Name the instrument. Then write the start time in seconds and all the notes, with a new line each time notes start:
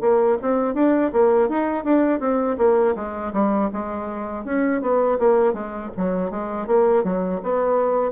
bassoon
0.00 A#3
0.41 C4
0.74 D4
1.12 A#3
1.48 D#4
1.84 D4
2.20 C4
2.58 A#3
2.95 G#3
3.32 G3
3.73 G#3
4.44 C#4
4.81 B3
5.19 A#3
5.53 G#3
5.96 F#3
6.30 G#3
6.67 A#3
7.04 F#3
7.42 B3